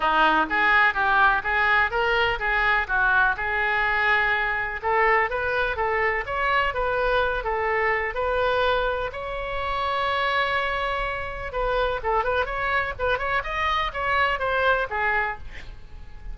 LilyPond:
\new Staff \with { instrumentName = "oboe" } { \time 4/4 \tempo 4 = 125 dis'4 gis'4 g'4 gis'4 | ais'4 gis'4 fis'4 gis'4~ | gis'2 a'4 b'4 | a'4 cis''4 b'4. a'8~ |
a'4 b'2 cis''4~ | cis''1 | b'4 a'8 b'8 cis''4 b'8 cis''8 | dis''4 cis''4 c''4 gis'4 | }